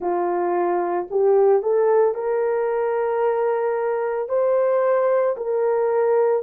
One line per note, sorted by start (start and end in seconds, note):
0.00 1.07 F4
1.10 1.62 G4
1.62 2.14 A4
2.14 4.29 A#4
4.29 5.36 C5
5.36 6.42 A#4